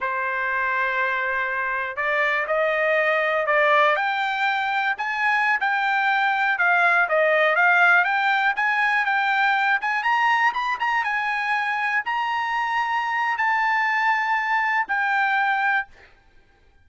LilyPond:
\new Staff \with { instrumentName = "trumpet" } { \time 4/4 \tempo 4 = 121 c''1 | d''4 dis''2 d''4 | g''2 gis''4~ gis''16 g''8.~ | g''4~ g''16 f''4 dis''4 f''8.~ |
f''16 g''4 gis''4 g''4. gis''16~ | gis''16 ais''4 b''8 ais''8 gis''4.~ gis''16~ | gis''16 ais''2~ ais''8. a''4~ | a''2 g''2 | }